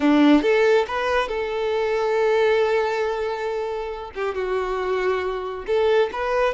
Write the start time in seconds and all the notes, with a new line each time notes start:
0.00 D4
0.42 A4
0.87 B4
1.28 A4
4.14 G4
4.34 F#4
5.66 A4
6.12 B4